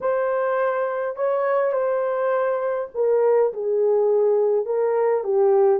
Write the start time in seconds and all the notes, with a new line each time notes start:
0.00 C5
1.16 C#5
1.72 C5
2.94 A#4
3.53 G#4
4.65 A#4
5.23 G4